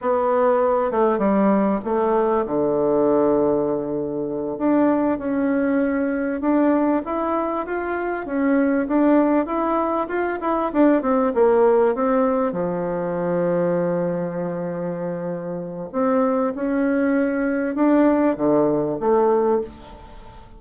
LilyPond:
\new Staff \with { instrumentName = "bassoon" } { \time 4/4 \tempo 4 = 98 b4. a8 g4 a4 | d2.~ d8 d'8~ | d'8 cis'2 d'4 e'8~ | e'8 f'4 cis'4 d'4 e'8~ |
e'8 f'8 e'8 d'8 c'8 ais4 c'8~ | c'8 f2.~ f8~ | f2 c'4 cis'4~ | cis'4 d'4 d4 a4 | }